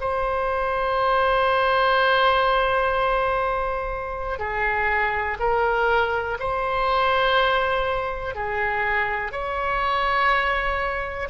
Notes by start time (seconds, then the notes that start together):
0.00 C5
4.39 G#4
5.39 A#4
6.39 C5
8.35 G#4
9.32 C#5